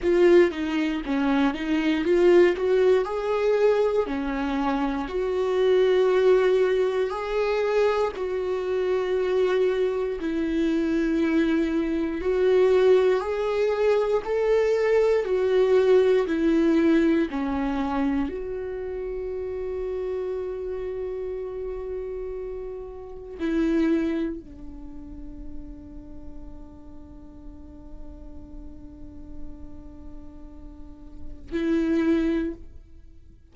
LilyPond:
\new Staff \with { instrumentName = "viola" } { \time 4/4 \tempo 4 = 59 f'8 dis'8 cis'8 dis'8 f'8 fis'8 gis'4 | cis'4 fis'2 gis'4 | fis'2 e'2 | fis'4 gis'4 a'4 fis'4 |
e'4 cis'4 fis'2~ | fis'2. e'4 | d'1~ | d'2. e'4 | }